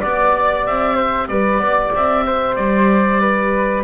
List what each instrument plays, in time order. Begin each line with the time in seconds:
0.00 double bass B3, saxophone G4, flute D5, oboe D5
0.66 double bass C4, oboe E5
0.95 flute C5
1.28 double bass G3, flute B4, oboe D5
1.59 double bass B3, flute D5
1.94 double bass C4, oboe E5
2.26 flute C5
2.56 double bass G3, oboe D5
3.20 flute B4